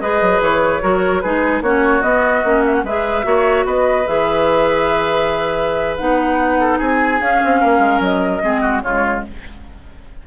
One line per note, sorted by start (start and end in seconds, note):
0.00 0.21 G#3
0.00 0.81 G#4
0.00 0.82 B4
0.00 0.41 D#5
0.21 0.40 F#3
0.40 0.81 E3
0.40 1.21 C#5
0.81 1.24 F#3
0.81 1.22 F#4
0.81 1.23 A#4
1.21 1.61 G#3
1.21 1.63 D#4
1.21 1.63 G#4
1.21 1.61 B4
1.61 2.02 A#3
1.61 2.02 C#4
1.61 2.84 F#4
1.61 2.02 C#5
2.02 2.43 B3
2.02 2.44 B3
2.02 2.63 D#5
2.44 2.83 A#3
2.44 2.85 C#4
2.66 2.74 E5
2.74 2.84 F#5
2.83 3.24 G#3
2.83 3.23 G#4
2.83 3.25 B4
2.83 3.66 E5
3.23 3.65 A#3
3.23 4.04 F#4
3.23 3.65 C#5
3.65 4.06 B3
3.65 6.59 B4
3.65 4.07 D#5
4.07 5.99 E3
4.07 5.98 G#4
4.07 5.97 E5
5.97 6.80 B3
5.97 7.20 D#4
5.97 6.78 F#5
6.60 6.78 A4
6.78 7.20 C4
6.78 7.59 G#4
6.78 7.21 G#5
7.20 8.42 C#4
7.20 7.41 C#4
7.20 8.02 F5
7.44 7.63 C4
7.61 7.79 A#3
7.61 8.42 A#4
7.79 7.99 G#3
8.00 8.40 F#3
8.00 8.81 D#5
8.42 8.83 G#3
8.42 8.83 C4
8.42 8.61 G#4
8.61 8.81 F#4
8.81 9.24 C#3
8.81 9.27 G#3
8.81 9.24 F4
8.81 9.22 C#5